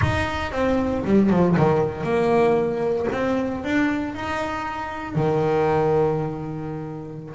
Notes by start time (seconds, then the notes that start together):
0.01 D#4
0.52 C4
1.04 G3
1.30 F3
1.57 D#3
2.03 A#3
3.12 C4
3.63 D4
4.14 D#4
5.15 D#3